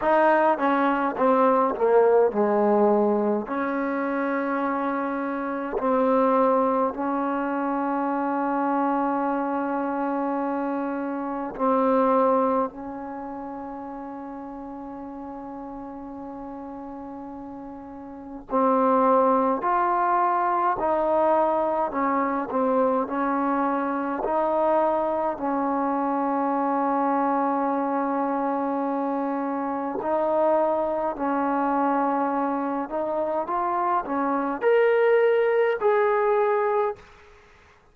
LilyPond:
\new Staff \with { instrumentName = "trombone" } { \time 4/4 \tempo 4 = 52 dis'8 cis'8 c'8 ais8 gis4 cis'4~ | cis'4 c'4 cis'2~ | cis'2 c'4 cis'4~ | cis'1 |
c'4 f'4 dis'4 cis'8 c'8 | cis'4 dis'4 cis'2~ | cis'2 dis'4 cis'4~ | cis'8 dis'8 f'8 cis'8 ais'4 gis'4 | }